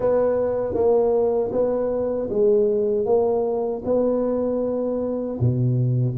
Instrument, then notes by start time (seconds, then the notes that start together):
tuba
0.00 B3
0.73 A#3
1.52 B3
2.29 G#3
3.05 A#3
3.84 B3
5.40 B2